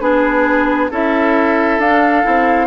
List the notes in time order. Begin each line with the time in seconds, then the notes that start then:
0.00 B3 D4 G#4 B4
0.90 C#4 E4 A4 E5
1.78 D4 F5
2.23 C4 E4